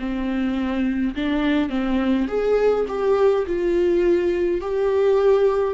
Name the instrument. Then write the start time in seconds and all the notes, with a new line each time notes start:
viola
0.00 C4
1.16 D4
1.70 C4
2.28 G#4
2.88 G4
3.47 F4
4.62 G4